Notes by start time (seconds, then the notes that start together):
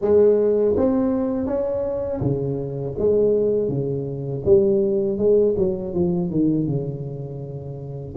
0.01 G#3
0.76 C4
1.46 C#4
2.21 C#3
2.98 G#3
3.68 C#3
4.45 G3
5.18 G#3
5.57 F#3
5.94 F3
6.30 D#3
6.66 C#3